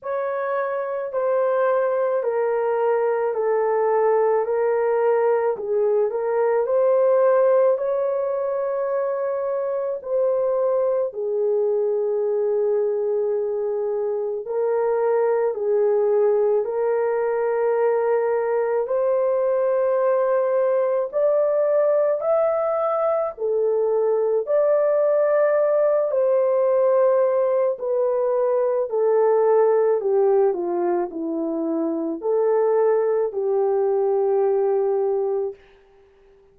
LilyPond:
\new Staff \with { instrumentName = "horn" } { \time 4/4 \tempo 4 = 54 cis''4 c''4 ais'4 a'4 | ais'4 gis'8 ais'8 c''4 cis''4~ | cis''4 c''4 gis'2~ | gis'4 ais'4 gis'4 ais'4~ |
ais'4 c''2 d''4 | e''4 a'4 d''4. c''8~ | c''4 b'4 a'4 g'8 f'8 | e'4 a'4 g'2 | }